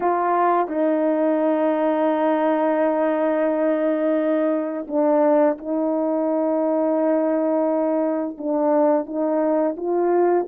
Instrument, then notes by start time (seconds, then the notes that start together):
horn
0.00 F4
0.68 D#4
4.87 D4
5.58 D#4
8.38 D4
9.05 D#4
9.76 F4